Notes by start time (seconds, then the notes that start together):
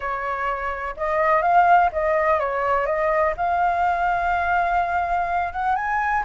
0.00 C#5
0.96 D#5
1.42 F5
1.92 D#5
2.39 C#5
2.86 D#5
3.36 F5
5.52 F#5
5.75 G#5